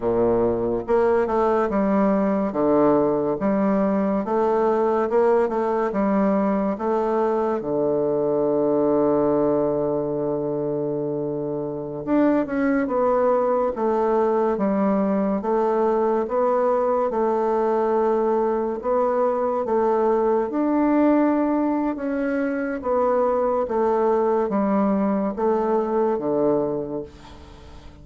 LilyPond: \new Staff \with { instrumentName = "bassoon" } { \time 4/4 \tempo 4 = 71 ais,4 ais8 a8 g4 d4 | g4 a4 ais8 a8 g4 | a4 d2.~ | d2~ d16 d'8 cis'8 b8.~ |
b16 a4 g4 a4 b8.~ | b16 a2 b4 a8.~ | a16 d'4.~ d'16 cis'4 b4 | a4 g4 a4 d4 | }